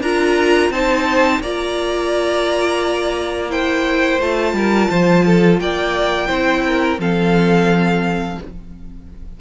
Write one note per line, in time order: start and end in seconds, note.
0.00 0.70 D4
0.00 0.73 F4
0.00 0.71 A#4
0.00 0.72 A#5
0.70 1.40 C4
0.70 1.43 D#4
0.70 1.42 C5
0.70 1.42 A5
1.40 4.19 A#3
1.40 3.50 F4
1.40 3.51 D5
1.40 3.51 A#5
3.50 4.20 E4
3.50 4.55 C5
3.50 4.21 G5
4.20 4.53 A3
4.20 6.28 F4
4.20 5.60 A5
4.53 4.88 G3
4.53 4.91 A#4
4.91 5.60 F3
4.91 5.25 C5
5.26 5.60 A4
5.60 6.30 A#3
5.60 6.27 D5
5.60 6.99 G5
6.27 6.99 C4
6.27 6.98 E4
6.27 6.62 C5
6.66 7.00 A#4
6.99 8.38 F3
6.99 8.39 C4
6.99 8.40 A4
6.99 8.41 F5